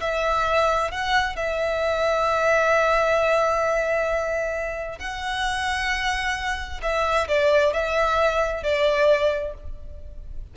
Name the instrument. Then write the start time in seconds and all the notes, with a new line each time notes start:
violin
0.00 E5
0.91 F#5
1.36 E5
4.99 F#5
6.82 E5
7.28 D5
7.73 E5
8.63 D5